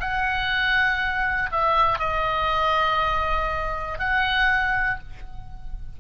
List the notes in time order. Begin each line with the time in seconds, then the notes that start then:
0.00 F#5
1.52 E5
2.00 D#5
3.99 F#5